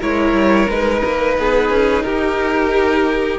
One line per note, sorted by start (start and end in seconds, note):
0.00 0.33 G#3
0.00 0.69 E4
0.00 1.36 A#4
0.00 0.70 C#5
0.33 0.67 G3
0.69 1.03 G#3
0.69 3.39 D#4
0.69 2.03 B4
1.05 1.38 A#3
1.38 1.70 B3
1.38 2.05 G#4
1.70 2.04 C#4
2.03 3.39 D#4
2.03 3.39 G4
2.03 3.39 A#4